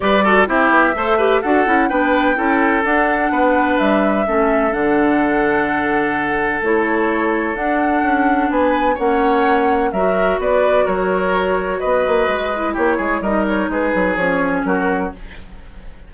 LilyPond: <<
  \new Staff \with { instrumentName = "flute" } { \time 4/4 \tempo 4 = 127 d''4 e''2 fis''4 | g''2 fis''2 | e''2 fis''2~ | fis''2 cis''2 |
fis''2 gis''4 fis''4~ | fis''4 e''4 d''4 cis''4~ | cis''4 dis''2 cis''4 | dis''8 cis''8 b'4 cis''4 ais'4 | }
  \new Staff \with { instrumentName = "oboe" } { \time 4/4 b'8 a'8 g'4 c''8 b'8 a'4 | b'4 a'2 b'4~ | b'4 a'2.~ | a'1~ |
a'2 b'4 cis''4~ | cis''4 ais'4 b'4 ais'4~ | ais'4 b'2 g'8 gis'8 | ais'4 gis'2 fis'4 | }
  \new Staff \with { instrumentName = "clarinet" } { \time 4/4 g'8 fis'8 e'4 a'8 g'8 fis'8 e'8 | d'4 e'4 d'2~ | d'4 cis'4 d'2~ | d'2 e'2 |
d'2. cis'4~ | cis'4 fis'2.~ | fis'2~ fis'8 e'4. | dis'2 cis'2 | }
  \new Staff \with { instrumentName = "bassoon" } { \time 4/4 g4 c'8 b8 a4 d'8 cis'8 | b4 cis'4 d'4 b4 | g4 a4 d2~ | d2 a2 |
d'4 cis'4 b4 ais4~ | ais4 fis4 b4 fis4~ | fis4 b8 ais8 gis4 ais8 gis8 | g4 gis8 fis8 f4 fis4 | }
>>